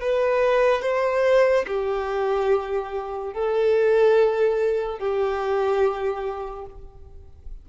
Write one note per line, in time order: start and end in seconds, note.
0.00 0.82 B4
0.82 1.65 C5
1.67 3.33 G4
3.33 4.98 A4
4.98 6.65 G4